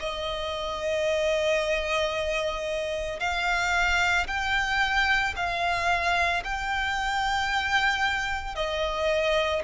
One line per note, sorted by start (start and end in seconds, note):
0.00 3.20 D#5
3.20 4.27 F5
4.28 5.35 G5
5.36 6.43 F5
6.44 8.56 G5
8.56 9.63 D#5